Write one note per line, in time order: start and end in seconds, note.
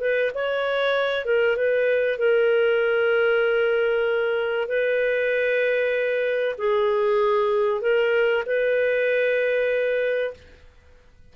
0.00 0.31 B4
0.34 1.25 C#5
1.25 1.56 A#4
1.56 2.18 B4
2.18 4.68 A#4
4.68 6.56 B4
6.58 7.81 G#4
7.81 8.44 A#4
8.46 10.34 B4